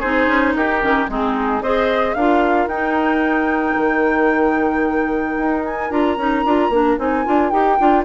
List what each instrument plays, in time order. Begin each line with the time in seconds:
0.00 bassoon C4, clarinet D#4, oboe G#4, flute C5
0.27 bassoon C#4
0.56 bassoon D#4, oboe G4, flute A#4
0.82 bassoon D#3, clarinet C#4
1.09 bassoon G#3, clarinet C4, oboe D#4, flute G#4
1.61 bassoon C4, clarinet G#4, oboe C5, flute D#5
2.14 bassoon D4, clarinet F4, oboe A#4, flute F5
2.67 bassoon D#4, clarinet D#4, flute G5
3.77 bassoon D#3
5.37 bassoon D#4
5.65 flute G#5
5.90 bassoon D4, clarinet F4, flute A#5
6.17 bassoon C#4, clarinet D#4
6.46 bassoon D4, clarinet F4
6.70 bassoon A#3, clarinet D4
6.98 bassoon C4, clarinet D#4, flute G#5
7.26 bassoon D4, clarinet F4
7.50 bassoon D#4, clarinet G4, flute G5
7.79 bassoon D4, clarinet F4